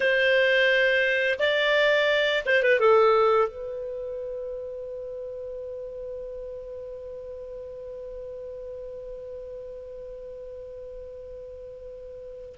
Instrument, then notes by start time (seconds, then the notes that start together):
clarinet
0.00 C5
1.39 D5
2.45 C5
2.62 B4
2.79 A4
3.48 B4